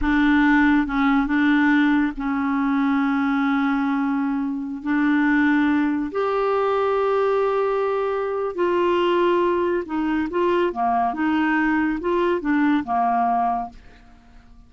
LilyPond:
\new Staff \with { instrumentName = "clarinet" } { \time 4/4 \tempo 4 = 140 d'2 cis'4 d'4~ | d'4 cis'2.~ | cis'2.~ cis'16 d'8.~ | d'2~ d'16 g'4.~ g'16~ |
g'1 | f'2. dis'4 | f'4 ais4 dis'2 | f'4 d'4 ais2 | }